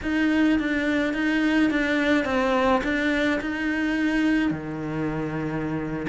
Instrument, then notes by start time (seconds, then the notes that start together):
cello
0.02 D#4
0.59 D4
1.13 D#4
1.70 D4
2.24 C4
2.83 D4
3.40 D#4
4.51 D#3